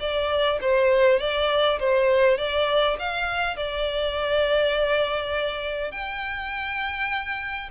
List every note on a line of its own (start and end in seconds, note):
0.00 0.59 D5
0.61 1.20 C5
1.20 1.80 D5
1.80 2.38 C5
2.38 2.98 D5
2.99 3.57 F5
3.57 5.92 D5
5.92 7.70 G5